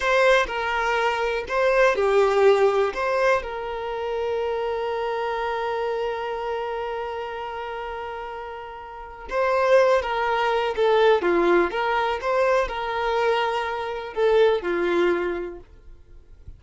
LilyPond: \new Staff \with { instrumentName = "violin" } { \time 4/4 \tempo 4 = 123 c''4 ais'2 c''4 | g'2 c''4 ais'4~ | ais'1~ | ais'1~ |
ais'2. c''4~ | c''8 ais'4. a'4 f'4 | ais'4 c''4 ais'2~ | ais'4 a'4 f'2 | }